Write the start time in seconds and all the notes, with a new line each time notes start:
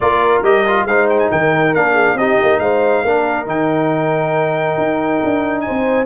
0.00 A#3 F4 A#4 D5
0.42 G3 G4 D#5
0.67 F4
0.84 G#3 D#4 C5 F5
1.09 G5
1.19 G#5
1.31 D#3 A#4 G5
1.74 A#3 D4 F5
1.93 G#4
2.14 C4 G4 D#5
2.20 D#4
2.41 A#3
2.59 G#3 C5 F5
3.03 A#3 D4 A#4
3.46 D#3 D#4 G5
4.77 D#4
5.23 D4
5.61 C5 G#5
5.69 C4